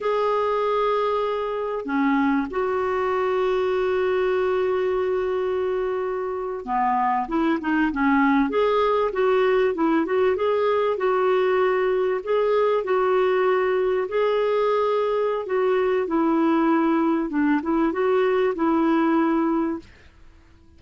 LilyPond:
\new Staff \with { instrumentName = "clarinet" } { \time 4/4 \tempo 4 = 97 gis'2. cis'4 | fis'1~ | fis'2~ fis'8. b4 e'16~ | e'16 dis'8 cis'4 gis'4 fis'4 e'16~ |
e'16 fis'8 gis'4 fis'2 gis'16~ | gis'8. fis'2 gis'4~ gis'16~ | gis'4 fis'4 e'2 | d'8 e'8 fis'4 e'2 | }